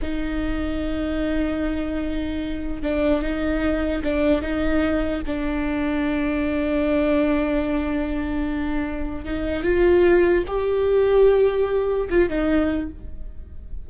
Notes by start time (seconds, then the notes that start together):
0.01 D#4
2.82 D4
3.22 D#4
4.03 D4
4.41 D#4
5.26 D4
9.24 D#4
9.63 F4
10.47 G4
12.09 F4
12.29 D#4